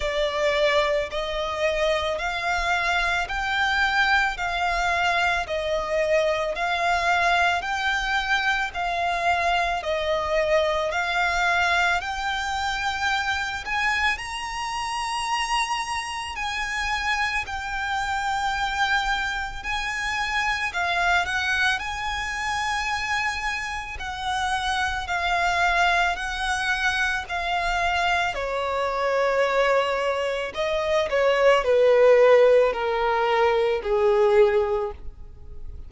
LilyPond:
\new Staff \with { instrumentName = "violin" } { \time 4/4 \tempo 4 = 55 d''4 dis''4 f''4 g''4 | f''4 dis''4 f''4 g''4 | f''4 dis''4 f''4 g''4~ | g''8 gis''8 ais''2 gis''4 |
g''2 gis''4 f''8 fis''8 | gis''2 fis''4 f''4 | fis''4 f''4 cis''2 | dis''8 cis''8 b'4 ais'4 gis'4 | }